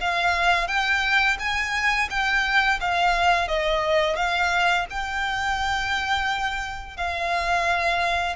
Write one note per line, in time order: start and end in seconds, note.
0.00 0.67 F5
0.67 1.37 G5
1.39 2.08 G#5
2.09 2.79 G5
2.80 3.48 F5
3.48 4.16 D#5
4.16 4.86 F5
4.90 6.96 G5
6.96 8.36 F5